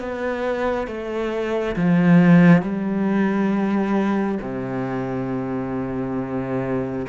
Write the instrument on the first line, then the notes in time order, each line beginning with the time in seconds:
cello
0.00 B3
0.88 A3
1.76 F3
2.62 G3
4.42 C3